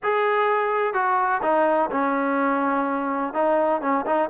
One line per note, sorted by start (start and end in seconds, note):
0.03 0.93 G#4
0.93 1.41 F#4
1.42 1.89 D#4
1.91 3.33 C#4
3.33 3.81 D#4
3.81 4.05 C#4
4.05 4.29 D#4